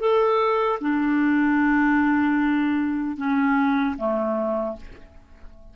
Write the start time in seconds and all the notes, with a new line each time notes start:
0.00 A4
0.81 D4
3.17 C#4
3.97 A3